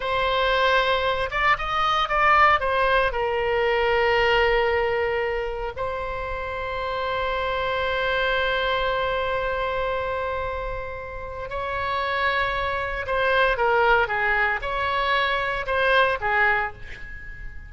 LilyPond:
\new Staff \with { instrumentName = "oboe" } { \time 4/4 \tempo 4 = 115 c''2~ c''8 d''8 dis''4 | d''4 c''4 ais'2~ | ais'2. c''4~ | c''1~ |
c''1~ | c''2 cis''2~ | cis''4 c''4 ais'4 gis'4 | cis''2 c''4 gis'4 | }